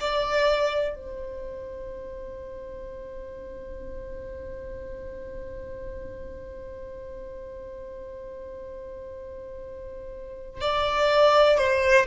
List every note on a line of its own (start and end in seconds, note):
0.00 0.95 D5
0.95 10.61 C5
10.61 11.58 D5
11.58 12.06 C5